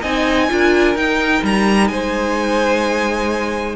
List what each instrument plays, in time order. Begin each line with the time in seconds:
0.00 cello C4, viola D#4, violin D#5 G#5
0.49 cello D4, viola F4, violin A#4
0.95 viola D#4, cello D#4, violin G5
1.43 cello G3, violin A#5
1.88 cello G#3, violin C5 G#5